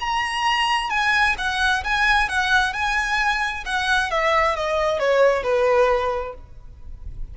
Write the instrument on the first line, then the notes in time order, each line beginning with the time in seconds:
violin
0.00 A#5
0.90 G#5
1.38 F#5
1.84 G#5
2.29 F#5
2.73 G#5
3.65 F#5
4.11 E5
4.56 D#5
4.99 C#5
5.43 B4